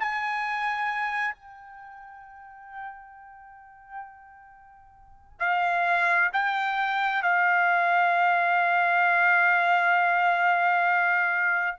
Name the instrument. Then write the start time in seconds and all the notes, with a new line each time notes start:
trumpet
0.00 G#5
1.35 G5
5.40 F5
6.33 G5
7.23 F5